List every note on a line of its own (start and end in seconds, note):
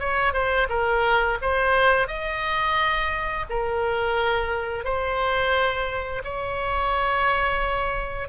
0.00 0.34 C#5
0.34 0.68 C5
0.70 1.39 A#4
1.42 2.08 C5
2.08 3.46 D#5
3.50 4.85 A#4
4.85 6.23 C5
6.24 8.29 C#5